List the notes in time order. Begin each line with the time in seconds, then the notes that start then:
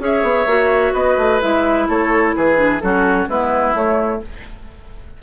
0.00 C#4 G#4 C#5 E5
0.23 B3
0.46 A#3 F#4
0.94 B3 B4 D#5
1.18 A3
1.41 G#3 E4 E5
1.89 A3 A4 C#5
2.36 E3 G#4 B4
2.56 D4
2.81 F#3 C#4 F#4 A4
3.28 G#3 B3 E4 B4
3.74 A3 C#5